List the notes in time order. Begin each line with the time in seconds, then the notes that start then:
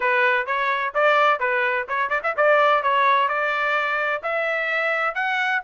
0.00 B4
0.46 C#5
0.94 D5
1.39 B4
1.88 C#5
2.09 D5
2.23 E5
2.36 D5
2.82 C#5
3.28 D5
4.23 E5
5.14 F#5